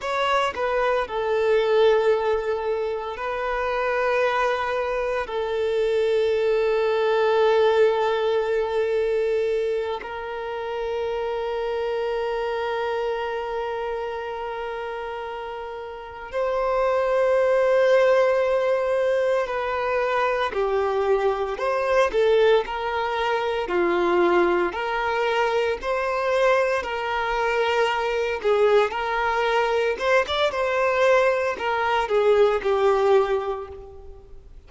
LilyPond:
\new Staff \with { instrumentName = "violin" } { \time 4/4 \tempo 4 = 57 cis''8 b'8 a'2 b'4~ | b'4 a'2.~ | a'4. ais'2~ ais'8~ | ais'2.~ ais'8 c''8~ |
c''2~ c''8 b'4 g'8~ | g'8 c''8 a'8 ais'4 f'4 ais'8~ | ais'8 c''4 ais'4. gis'8 ais'8~ | ais'8 c''16 d''16 c''4 ais'8 gis'8 g'4 | }